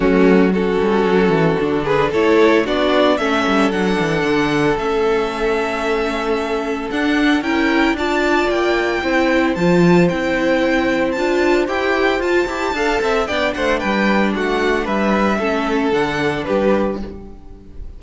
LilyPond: <<
  \new Staff \with { instrumentName = "violin" } { \time 4/4 \tempo 4 = 113 fis'4 a'2~ a'8 b'8 | cis''4 d''4 e''4 fis''4~ | fis''4 e''2.~ | e''4 fis''4 g''4 a''4 |
g''2 a''4 g''4~ | g''4 a''4 g''4 a''4~ | a''4 g''8 fis''8 g''4 fis''4 | e''2 fis''4 b'4 | }
  \new Staff \with { instrumentName = "violin" } { \time 4/4 cis'4 fis'2~ fis'8 gis'8 | a'4 fis'4 a'2~ | a'1~ | a'2 ais'4 d''4~ |
d''4 c''2.~ | c''1 | f''8 e''8 d''8 c''8 b'4 fis'4 | b'4 a'2 g'4 | }
  \new Staff \with { instrumentName = "viola" } { \time 4/4 a4 cis'2 d'4 | e'4 d'4 cis'4 d'4~ | d'4 cis'2.~ | cis'4 d'4 e'4 f'4~ |
f'4 e'4 f'4 e'4~ | e'4 f'4 g'4 f'8 g'8 | a'4 d'2.~ | d'4 cis'4 d'2 | }
  \new Staff \with { instrumentName = "cello" } { \time 4/4 fis4. g8 fis8 e8 d4 | a4 b4 a8 g8 fis8 e8 | d4 a2.~ | a4 d'4 cis'4 d'4 |
ais4 c'4 f4 c'4~ | c'4 d'4 e'4 f'8 e'8 | d'8 c'8 b8 a8 g4 a4 | g4 a4 d4 g4 | }
>>